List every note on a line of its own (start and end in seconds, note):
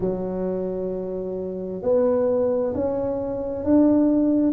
0.00 1.82 F#3
1.82 2.73 B3
2.74 3.64 C#4
3.64 4.52 D4